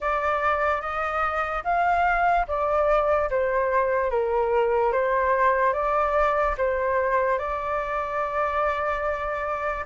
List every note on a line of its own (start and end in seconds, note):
0.00 0.81 D5
0.81 1.63 D#5
1.64 2.46 F5
2.47 3.29 D5
3.30 4.10 C5
4.10 4.92 A#4
4.92 5.73 C5
5.73 6.55 D5
6.57 7.38 C5
7.38 9.84 D5